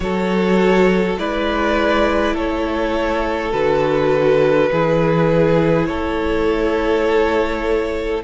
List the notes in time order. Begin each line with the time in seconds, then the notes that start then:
0.00 F#3 F#4 A4 C#5
1.17 G#3 E4 B4 D5
2.34 A3 A4 C#5
3.51 D3 F#4 B4
4.71 E3 E4 G#4
5.86 A3 A4 C#5